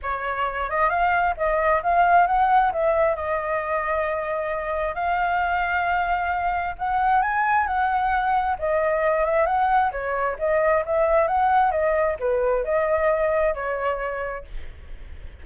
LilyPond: \new Staff \with { instrumentName = "flute" } { \time 4/4 \tempo 4 = 133 cis''4. dis''8 f''4 dis''4 | f''4 fis''4 e''4 dis''4~ | dis''2. f''4~ | f''2. fis''4 |
gis''4 fis''2 dis''4~ | dis''8 e''8 fis''4 cis''4 dis''4 | e''4 fis''4 dis''4 b'4 | dis''2 cis''2 | }